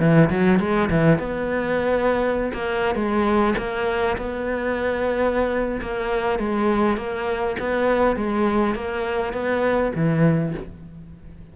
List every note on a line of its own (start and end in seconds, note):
0.00 0.30 E3
0.30 0.60 F#3
0.60 0.90 G#3
0.90 1.19 E3
1.19 2.53 B3
2.54 2.95 A#3
2.95 3.55 G#3
3.58 4.17 A#3
4.18 5.81 B3
5.82 6.39 A#3
6.39 6.97 G#3
6.97 7.57 A#3
7.60 8.17 B3
8.17 8.75 G#3
8.75 9.33 A#3
9.33 9.93 B3
9.95 10.55 E3